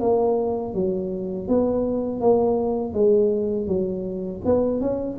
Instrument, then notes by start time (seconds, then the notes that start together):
tuba
0.00 A#3
0.73 F#3
1.47 B3
2.20 A#3
2.93 G#3
3.67 F#3
4.45 B3
4.80 C#4